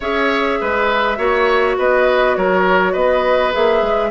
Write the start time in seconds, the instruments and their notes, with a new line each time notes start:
0.00 bassoon C#4, clarinet G#4, oboe C#5, flute E5
0.60 bassoon G#3, oboe B4
1.17 bassoon A#3, clarinet F#4, oboe C#5
1.78 bassoon B3, oboe B4, flute D#5
2.36 bassoon F#3, oboe A#4, flute C#5
2.92 bassoon B3, oboe B4, flute D#5
3.52 bassoon A#3, clarinet G#4, flute E5
3.82 bassoon G#3